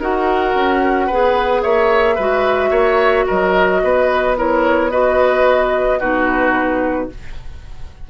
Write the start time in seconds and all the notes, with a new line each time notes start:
0.00 D#4 F#4 A#4 F#5
0.55 C#4
1.07 B3 G#4 B4
1.63 A#3 C#5 E5
2.16 G#3 F#4 B4
2.71 A#3 C#5
3.27 F#3 A#4 D#5
3.83 B3 B4
4.37 E4 A#4 C#5
4.91 F#4 B4 D#5
6.00 B2 D#4 F#4 B4